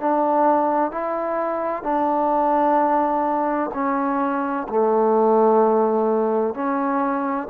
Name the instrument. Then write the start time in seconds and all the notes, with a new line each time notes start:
trombone
0.00 D4
0.92 E4
1.84 D4
3.74 C#4
4.69 A3
6.55 C#4